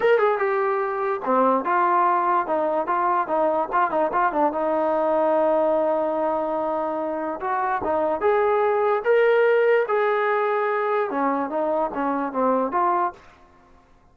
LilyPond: \new Staff \with { instrumentName = "trombone" } { \time 4/4 \tempo 4 = 146 ais'8 gis'8 g'2 c'4 | f'2 dis'4 f'4 | dis'4 f'8 dis'8 f'8 d'8 dis'4~ | dis'1~ |
dis'2 fis'4 dis'4 | gis'2 ais'2 | gis'2. cis'4 | dis'4 cis'4 c'4 f'4 | }